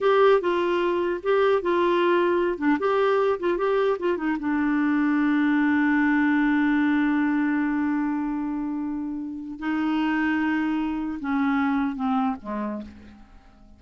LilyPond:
\new Staff \with { instrumentName = "clarinet" } { \time 4/4 \tempo 4 = 150 g'4 f'2 g'4 | f'2~ f'8 d'8 g'4~ | g'8 f'8 g'4 f'8 dis'8 d'4~ | d'1~ |
d'1~ | d'1 | dis'1 | cis'2 c'4 gis4 | }